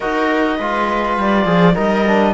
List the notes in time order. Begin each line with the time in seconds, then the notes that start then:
0.00 D#4 F#4 A#4 D#5
0.57 G#3 F4 B4
1.17 G3 D5
1.44 F3 G#4
1.75 G3 D#4 A#4 D#5
2.07 D4